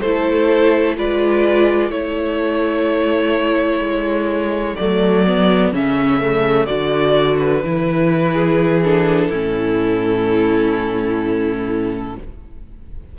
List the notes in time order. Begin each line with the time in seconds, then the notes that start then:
0.00 A3 E4 A4 C5
0.97 G#3 F4 B4 D5
1.88 A3 E4 A4 C#5
3.80 G#3
4.76 F#3 A3 D5
5.26 B3
5.72 C#3 C#4 E5
6.20 A3
6.65 D3 F#4 D5
7.38 B4
7.63 E3 E4
8.33 G#4
8.83 D4 A4
9.30 A2 C#4 E4